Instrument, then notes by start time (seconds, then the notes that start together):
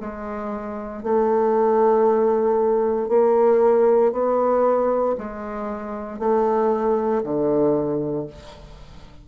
bassoon
0.00 G#3
1.03 A3
3.08 A#3
4.12 B3
5.18 G#3
6.19 A3
7.23 D3